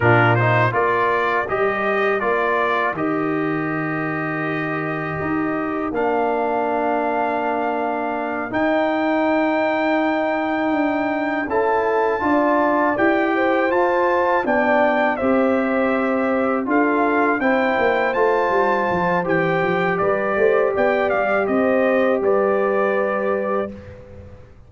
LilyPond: <<
  \new Staff \with { instrumentName = "trumpet" } { \time 4/4 \tempo 4 = 81 ais'8 c''8 d''4 dis''4 d''4 | dis''1 | f''2.~ f''8 g''8~ | g''2.~ g''8 a''8~ |
a''4. g''4 a''4 g''8~ | g''8 e''2 f''4 g''8~ | g''8 a''4. g''4 d''4 | g''8 f''8 dis''4 d''2 | }
  \new Staff \with { instrumentName = "horn" } { \time 4/4 f'4 ais'2.~ | ais'1~ | ais'1~ | ais'2.~ ais'8 a'8~ |
a'8 d''4. c''4. d''8~ | d''8 c''2 a'4 c''8~ | c''2. b'8 c''8 | d''4 c''4 b'2 | }
  \new Staff \with { instrumentName = "trombone" } { \time 4/4 d'8 dis'8 f'4 g'4 f'4 | g'1 | d'2.~ d'8 dis'8~ | dis'2.~ dis'8 e'8~ |
e'8 f'4 g'4 f'4 d'8~ | d'8 g'2 f'4 e'8~ | e'8 f'4. g'2~ | g'1 | }
  \new Staff \with { instrumentName = "tuba" } { \time 4/4 ais,4 ais4 g4 ais4 | dis2. dis'4 | ais2.~ ais8 dis'8~ | dis'2~ dis'8 d'4 cis'8~ |
cis'8 d'4 e'4 f'4 b8~ | b8 c'2 d'4 c'8 | ais8 a8 g8 f8 e8 f8 g8 a8 | b8 g8 c'4 g2 | }
>>